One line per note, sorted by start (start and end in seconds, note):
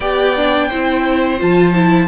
0.00 0.70 B3
0.00 0.36 G4
0.00 0.68 D5
0.00 1.40 G5
0.36 0.70 D4
0.68 1.41 C4
0.68 1.38 E4
0.68 2.07 C5
1.38 2.08 F3
1.38 1.73 F4
1.38 2.08 A5
1.74 2.08 E4